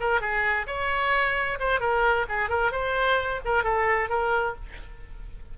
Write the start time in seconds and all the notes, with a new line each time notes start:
0.00 A#4
0.21 G#4
0.67 C#5
1.60 C5
1.80 A#4
2.29 G#4
2.49 A#4
2.72 C5
3.45 A#4
3.64 A4
4.09 A#4